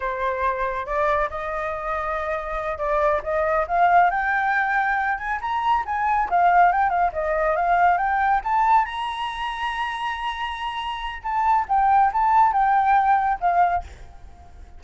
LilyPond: \new Staff \with { instrumentName = "flute" } { \time 4/4 \tempo 4 = 139 c''2 d''4 dis''4~ | dis''2~ dis''8 d''4 dis''8~ | dis''8 f''4 g''2~ g''8 | gis''8 ais''4 gis''4 f''4 g''8 |
f''8 dis''4 f''4 g''4 a''8~ | a''8 ais''2.~ ais''8~ | ais''2 a''4 g''4 | a''4 g''2 f''4 | }